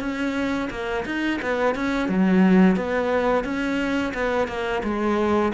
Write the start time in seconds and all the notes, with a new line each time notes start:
0.00 C#4
0.70 A#3
1.06 D#4
1.42 B3
1.75 C#4
2.09 F#3
2.76 B3
3.44 C#4
4.14 B3
4.48 A#3
4.83 G#3